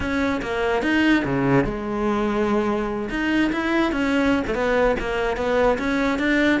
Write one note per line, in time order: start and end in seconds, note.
0.00 0.41 C#4
0.42 0.82 A#3
0.82 1.23 D#4
1.24 1.64 C#3
1.64 3.09 G#3
3.10 3.51 D#4
3.52 3.91 E4
3.91 4.43 C#4
4.47 4.54 A3
4.54 4.96 B3
4.99 5.36 A#3
5.36 5.78 B3
5.78 6.19 C#4
6.19 6.60 D4